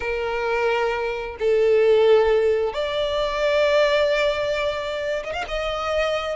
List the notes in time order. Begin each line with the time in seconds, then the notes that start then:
0.00 A#4
1.39 A4
2.73 D5
5.23 D#5
5.33 F5
5.48 D#5